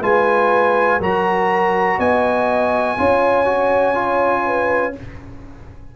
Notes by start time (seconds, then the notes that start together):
0.00 G#3 F4 B4 G#5
0.99 F#3 F#4 A#4 A#5
1.98 B3 D#5 G#5
2.97 C#4 F4 C#5
3.45 F#4
3.94 F4
4.45 B4